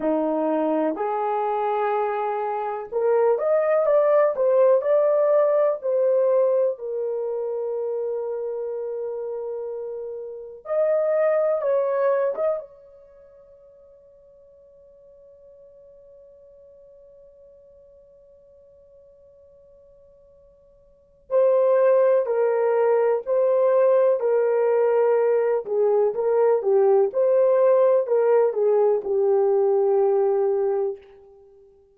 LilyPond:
\new Staff \with { instrumentName = "horn" } { \time 4/4 \tempo 4 = 62 dis'4 gis'2 ais'8 dis''8 | d''8 c''8 d''4 c''4 ais'4~ | ais'2. dis''4 | cis''8. dis''16 cis''2.~ |
cis''1~ | cis''2 c''4 ais'4 | c''4 ais'4. gis'8 ais'8 g'8 | c''4 ais'8 gis'8 g'2 | }